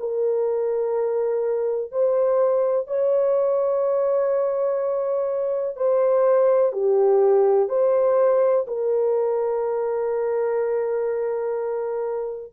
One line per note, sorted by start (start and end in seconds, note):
0.00 1.92 A#4
1.92 2.87 C5
2.87 5.77 C#5
5.77 6.73 C5
6.73 7.69 G4
7.69 8.66 C5
8.67 12.53 A#4